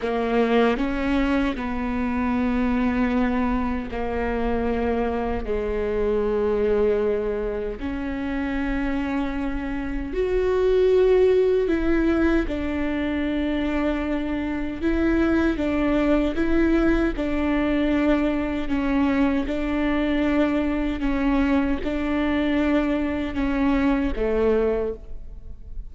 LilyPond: \new Staff \with { instrumentName = "viola" } { \time 4/4 \tempo 4 = 77 ais4 cis'4 b2~ | b4 ais2 gis4~ | gis2 cis'2~ | cis'4 fis'2 e'4 |
d'2. e'4 | d'4 e'4 d'2 | cis'4 d'2 cis'4 | d'2 cis'4 a4 | }